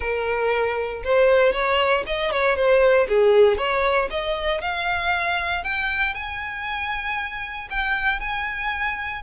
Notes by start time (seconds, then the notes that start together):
0.00 A#4
1.03 C5
1.52 C#5
2.06 D#5
2.31 C#5
2.55 C5
3.08 G#4
3.57 C#5
4.10 D#5
4.61 F5
5.63 G5
6.14 G#5
7.69 G5
8.20 G#5